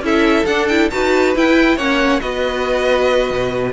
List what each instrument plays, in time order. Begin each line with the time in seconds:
0.00 cello C#4, viola E4, violin A4 E5
0.45 cello D4, viola D4, violin F#5
0.68 viola E4, violin G5
0.90 cello D#4, viola F#4, violin B4 A5
1.35 viola E4, cello E4, violin G5
1.76 cello A#3, viola C#4, violin C#5 F#5
2.20 cello B3, viola F#4, violin B4 D#5
3.30 cello B2